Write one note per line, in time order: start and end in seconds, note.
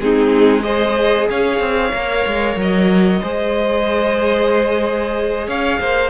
0.00 1.29 G#3
0.00 0.63 C4
0.00 0.64 D#4
0.00 0.63 G#4
0.63 1.92 G#4
0.63 1.29 C5
0.63 1.28 D#5
1.30 1.60 C#4
1.30 3.22 C#5
1.30 2.59 F5
1.60 1.92 C4
1.93 2.26 A#3
1.93 3.23 A#4
2.27 2.56 G#3
2.56 3.21 F#3
2.56 5.49 D#5
3.22 5.48 G#3
3.22 6.11 G#4
3.22 5.48 C5
5.48 5.80 C#4
5.48 5.80 C#5
5.48 6.11 F5
5.81 6.11 A#3
5.81 6.11 C5